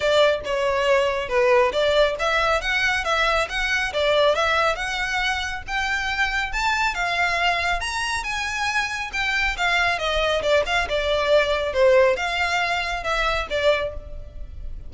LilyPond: \new Staff \with { instrumentName = "violin" } { \time 4/4 \tempo 4 = 138 d''4 cis''2 b'4 | d''4 e''4 fis''4 e''4 | fis''4 d''4 e''4 fis''4~ | fis''4 g''2 a''4 |
f''2 ais''4 gis''4~ | gis''4 g''4 f''4 dis''4 | d''8 f''8 d''2 c''4 | f''2 e''4 d''4 | }